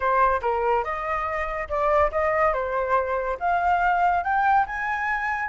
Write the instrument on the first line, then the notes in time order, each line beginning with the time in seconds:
flute
0.00 C5
0.41 A#4
0.84 D#5
1.68 D5
2.11 D#5
2.53 C5
3.39 F5
4.23 G5
4.66 G#5